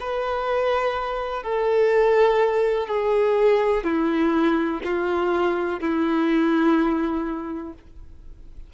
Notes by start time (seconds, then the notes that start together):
0.00 B4
1.43 A4
2.87 G#4
3.84 E4
4.84 F4
5.80 E4